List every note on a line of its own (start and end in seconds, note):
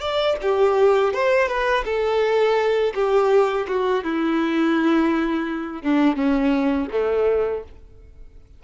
0.00 0.36 D5
0.42 1.13 G4
1.13 1.48 C5
1.48 1.84 B4
1.85 2.93 A4
2.94 3.67 G4
3.68 4.04 F#4
4.04 5.83 E4
5.83 6.16 D4
6.16 6.88 C#4
6.91 7.64 A3